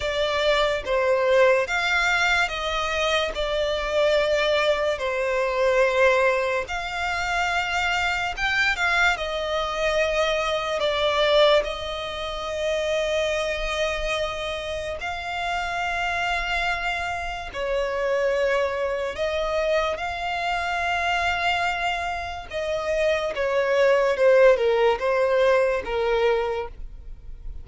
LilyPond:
\new Staff \with { instrumentName = "violin" } { \time 4/4 \tempo 4 = 72 d''4 c''4 f''4 dis''4 | d''2 c''2 | f''2 g''8 f''8 dis''4~ | dis''4 d''4 dis''2~ |
dis''2 f''2~ | f''4 cis''2 dis''4 | f''2. dis''4 | cis''4 c''8 ais'8 c''4 ais'4 | }